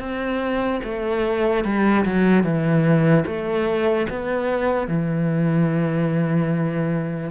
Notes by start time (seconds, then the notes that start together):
0.00 C4
0.84 A3
1.65 G3
2.06 F#3
2.44 E3
3.26 A3
4.10 B3
4.88 E3